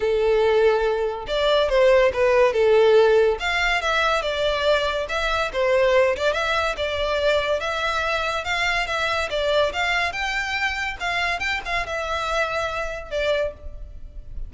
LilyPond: \new Staff \with { instrumentName = "violin" } { \time 4/4 \tempo 4 = 142 a'2. d''4 | c''4 b'4 a'2 | f''4 e''4 d''2 | e''4 c''4. d''8 e''4 |
d''2 e''2 | f''4 e''4 d''4 f''4 | g''2 f''4 g''8 f''8 | e''2. d''4 | }